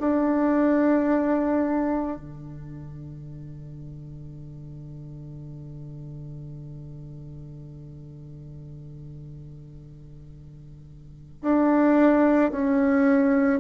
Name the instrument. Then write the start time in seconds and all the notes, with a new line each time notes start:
bassoon
0.00 D4
2.17 D3
11.42 D4
12.52 C#4